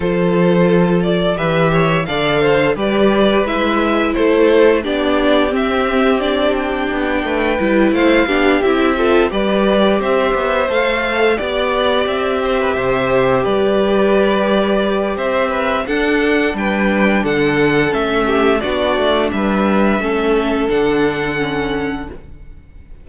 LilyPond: <<
  \new Staff \with { instrumentName = "violin" } { \time 4/4 \tempo 4 = 87 c''4. d''8 e''4 f''4 | d''4 e''4 c''4 d''4 | e''4 d''8 g''2 f''8~ | f''8 e''4 d''4 e''4 f''8~ |
f''8 d''4 e''2 d''8~ | d''2 e''4 fis''4 | g''4 fis''4 e''4 d''4 | e''2 fis''2 | }
  \new Staff \with { instrumentName = "violin" } { \time 4/4 a'2 b'8 cis''8 d''8 c''8 | b'2 a'4 g'4~ | g'2~ g'8 b'4 c''8 | g'4 a'8 b'4 c''4.~ |
c''8 d''4. c''16 b'16 c''4 b'8~ | b'2 c''8 b'8 a'4 | b'4 a'4. g'8 fis'4 | b'4 a'2. | }
  \new Staff \with { instrumentName = "viola" } { \time 4/4 f'2 g'4 a'4 | g'4 e'2 d'4 | c'4 d'2 e'4 | d'8 e'8 f'8 g'2 a'8~ |
a'8 g'2.~ g'8~ | g'2. d'4~ | d'2 cis'4 d'4~ | d'4 cis'4 d'4 cis'4 | }
  \new Staff \with { instrumentName = "cello" } { \time 4/4 f2 e4 d4 | g4 gis4 a4 b4 | c'2 b8 a8 g8 a8 | b8 c'4 g4 c'8 b8 a8~ |
a8 b4 c'4 c4 g8~ | g2 c'4 d'4 | g4 d4 a4 b8 a8 | g4 a4 d2 | }
>>